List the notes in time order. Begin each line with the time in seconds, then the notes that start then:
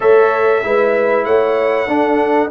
0.00 A3 A4 C#5 E5
0.63 G#3 E4 B4
1.24 A3 C#5 F#5
1.87 D4 A4